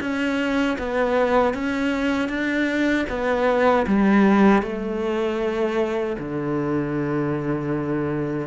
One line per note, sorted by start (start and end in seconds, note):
0.00 0.77 C#4
0.78 1.53 B3
1.53 2.28 C#4
2.28 3.05 D4
3.09 3.86 B3
3.86 4.62 G3
4.62 6.16 A3
6.19 8.47 D3